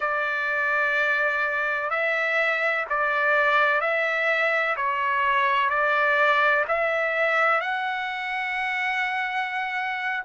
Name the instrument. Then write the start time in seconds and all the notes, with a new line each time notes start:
trumpet
0.00 D5
1.90 E5
2.89 D5
3.81 E5
4.76 C#5
5.69 D5
6.68 E5
7.60 F#5